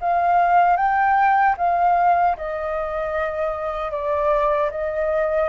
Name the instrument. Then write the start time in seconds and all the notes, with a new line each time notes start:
flute
0.00 F5
0.76 G5
1.57 F5
2.36 D#5
3.91 D5
4.70 D#5